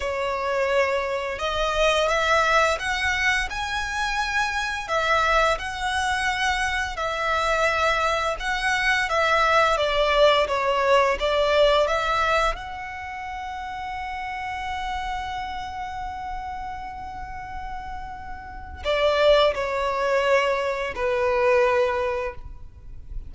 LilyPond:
\new Staff \with { instrumentName = "violin" } { \time 4/4 \tempo 4 = 86 cis''2 dis''4 e''4 | fis''4 gis''2 e''4 | fis''2 e''2 | fis''4 e''4 d''4 cis''4 |
d''4 e''4 fis''2~ | fis''1~ | fis''2. d''4 | cis''2 b'2 | }